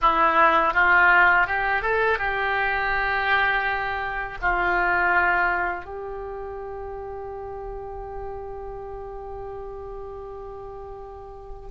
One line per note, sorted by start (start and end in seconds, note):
0.01 0.73 E4
0.73 1.46 F4
1.46 1.82 G4
1.82 2.18 A4
2.18 4.38 G4
4.41 5.85 F4
5.85 11.70 G4